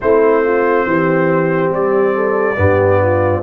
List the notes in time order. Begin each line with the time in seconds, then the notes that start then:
0.00 A3 C4 E4 C5
0.43 F4
0.86 E3 G4
1.70 G3 D5
2.14 A4
2.55 G2 B3 G4
3.01 F4